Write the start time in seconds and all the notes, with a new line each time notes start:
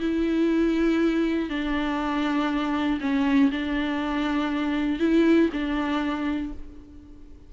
0.00 E4
1.50 D4
3.01 C#4
3.52 D4
5.00 E4
5.53 D4